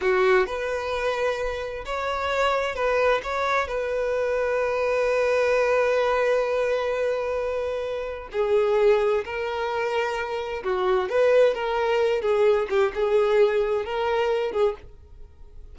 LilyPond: \new Staff \with { instrumentName = "violin" } { \time 4/4 \tempo 4 = 130 fis'4 b'2. | cis''2 b'4 cis''4 | b'1~ | b'1~ |
b'2 gis'2 | ais'2. fis'4 | b'4 ais'4. gis'4 g'8 | gis'2 ais'4. gis'8 | }